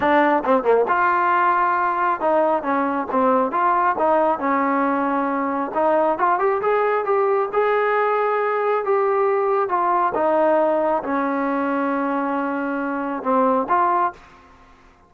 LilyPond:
\new Staff \with { instrumentName = "trombone" } { \time 4/4 \tempo 4 = 136 d'4 c'8 ais8 f'2~ | f'4 dis'4 cis'4 c'4 | f'4 dis'4 cis'2~ | cis'4 dis'4 f'8 g'8 gis'4 |
g'4 gis'2. | g'2 f'4 dis'4~ | dis'4 cis'2.~ | cis'2 c'4 f'4 | }